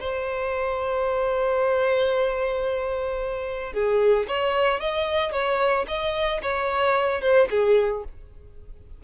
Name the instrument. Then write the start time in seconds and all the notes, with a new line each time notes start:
violin
0.00 C5
3.74 G#4
4.28 C#5
4.81 D#5
5.33 C#5
5.88 D#5
6.43 C#5
7.22 C5
7.51 G#4